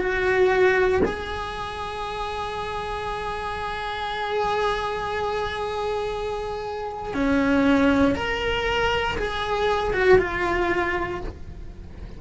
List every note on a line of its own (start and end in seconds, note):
0.00 1.02 F#4
1.05 7.14 G#4
7.14 8.16 C#4
8.16 9.18 A#4
9.18 9.94 G#4
9.94 10.19 F#4
10.19 11.20 F4